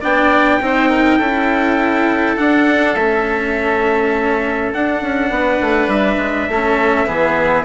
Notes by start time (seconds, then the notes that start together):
0.00 B3 D4 D5 G5
0.60 C4 D#4 C5
0.89 A#4
1.18 C#4 E4 A4
2.37 D4 F#5
2.95 A3 C#4 E5
4.73 D4 F#5
5.01 C#4
5.30 B3 B4
5.60 A3
5.87 G3 E5
6.18 G#3
6.48 A3 C#4 A4
7.06 E3 B3 G#4